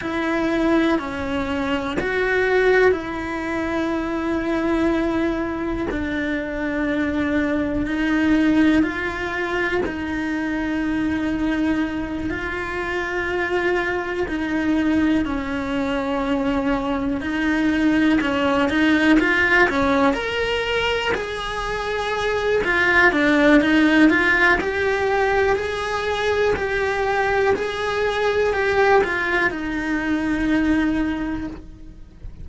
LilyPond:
\new Staff \with { instrumentName = "cello" } { \time 4/4 \tempo 4 = 61 e'4 cis'4 fis'4 e'4~ | e'2 d'2 | dis'4 f'4 dis'2~ | dis'8 f'2 dis'4 cis'8~ |
cis'4. dis'4 cis'8 dis'8 f'8 | cis'8 ais'4 gis'4. f'8 d'8 | dis'8 f'8 g'4 gis'4 g'4 | gis'4 g'8 f'8 dis'2 | }